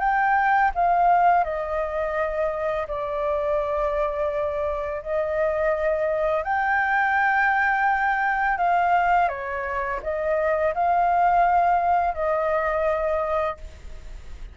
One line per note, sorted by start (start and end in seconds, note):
0.00 0.71 G5
0.75 1.44 F5
1.44 2.87 D#5
2.88 5.02 D5
5.02 6.44 D#5
6.44 8.58 G5
8.58 9.29 F5
9.29 10.00 C#5
10.03 10.74 D#5
10.75 12.15 F5
12.15 13.58 D#5